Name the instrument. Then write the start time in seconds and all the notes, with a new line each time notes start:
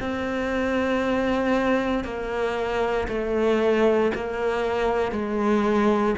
cello
0.00 C4
2.04 A#3
3.08 A3
4.14 A#3
5.12 G#3